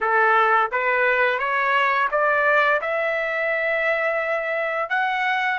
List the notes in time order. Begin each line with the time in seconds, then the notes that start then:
0.01 A4
0.71 B4
1.38 C#5
2.11 D5
2.81 E5
4.89 F#5